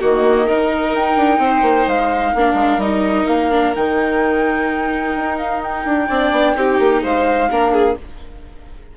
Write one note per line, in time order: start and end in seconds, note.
0.00 0.93 D#3
0.00 0.48 A#3
0.00 0.46 F#4
0.00 0.95 D#5
0.46 2.36 D#4
0.46 1.40 A#4
0.93 1.16 D#4
0.93 1.88 G5
1.16 1.38 D4
1.38 1.62 C4
1.38 2.32 C5
1.62 1.85 A#3
1.87 2.33 G#3
1.87 2.80 F5
2.32 2.54 A#3
2.32 2.81 D4
2.32 6.07 A#4
2.54 2.77 G#3
2.77 3.24 G3
2.77 3.51 D#4
2.77 3.27 D#5
3.27 3.74 A#3
3.27 3.74 F5
3.51 3.74 D4
3.75 5.16 D#3
3.75 6.10 D#4
3.75 5.38 G5
5.16 5.85 D#4
5.38 5.61 F5
5.62 7.03 G5
5.85 6.08 D4
6.08 6.31 C4
6.08 6.55 D4
6.08 6.54 D5
6.31 6.54 B3
6.55 6.79 C4
6.55 7.49 D#4
6.55 7.02 G4
6.79 7.02 A#3
7.02 7.50 G#3
7.02 7.49 C5
7.02 7.97 F5
7.50 7.97 A#3
7.50 7.97 D4
7.50 7.72 A#4
7.72 7.96 G#4